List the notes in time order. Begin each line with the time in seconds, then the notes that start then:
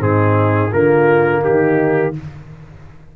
0.00 G#2 C4 D#4 G#4
0.71 D3 A#3 F4 A#4
1.41 D#3 D#4 G4